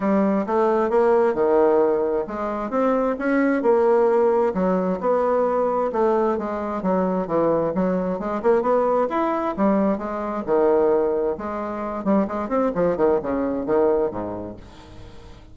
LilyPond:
\new Staff \with { instrumentName = "bassoon" } { \time 4/4 \tempo 4 = 132 g4 a4 ais4 dis4~ | dis4 gis4 c'4 cis'4 | ais2 fis4 b4~ | b4 a4 gis4 fis4 |
e4 fis4 gis8 ais8 b4 | e'4 g4 gis4 dis4~ | dis4 gis4. g8 gis8 c'8 | f8 dis8 cis4 dis4 gis,4 | }